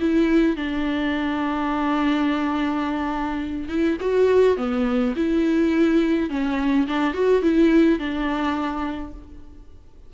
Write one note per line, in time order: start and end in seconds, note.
0.00 0.56 E4
0.56 3.69 D4
3.69 3.97 E4
4.01 4.57 F#4
4.57 5.14 B3
5.16 6.30 E4
6.30 6.87 C#4
6.88 7.14 D4
7.14 7.42 F#4
7.42 7.99 E4
7.99 9.13 D4